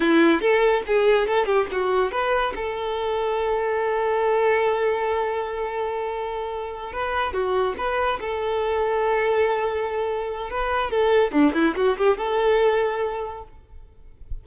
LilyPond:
\new Staff \with { instrumentName = "violin" } { \time 4/4 \tempo 4 = 143 e'4 a'4 gis'4 a'8 g'8 | fis'4 b'4 a'2~ | a'1~ | a'1~ |
a'8 b'4 fis'4 b'4 a'8~ | a'1~ | a'4 b'4 a'4 d'8 e'8 | fis'8 g'8 a'2. | }